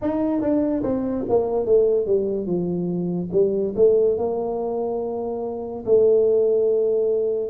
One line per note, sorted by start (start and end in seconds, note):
0.01 0.41 D#4
0.41 0.82 D4
0.83 1.25 C4
1.29 1.65 A#3
1.65 2.06 A3
2.06 2.46 G3
2.46 3.29 F3
3.32 3.73 G3
3.75 4.17 A3
4.17 5.84 A#3
5.85 7.49 A3